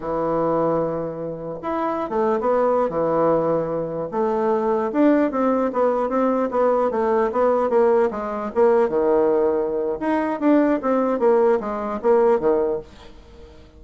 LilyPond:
\new Staff \with { instrumentName = "bassoon" } { \time 4/4 \tempo 4 = 150 e1 | e'4~ e'16 a8. b4~ b16 e8.~ | e2~ e16 a4.~ a16~ | a16 d'4 c'4 b4 c'8.~ |
c'16 b4 a4 b4 ais8.~ | ais16 gis4 ais4 dis4.~ dis16~ | dis4 dis'4 d'4 c'4 | ais4 gis4 ais4 dis4 | }